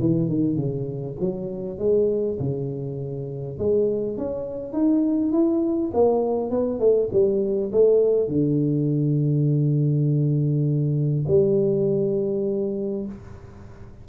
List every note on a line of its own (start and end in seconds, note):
0.00 0.29 E3
0.29 0.56 D#3
0.56 1.16 C#3
1.20 1.79 F#3
1.79 2.38 G#3
2.40 3.59 C#3
3.59 4.18 G#3
4.18 4.73 C#4
4.73 5.32 D#4
5.32 5.92 E4
5.94 6.51 A#3
6.51 6.80 B3
6.80 7.10 A3
7.13 7.72 G3
7.73 8.29 A3
8.29 11.26 D3
11.28 13.06 G3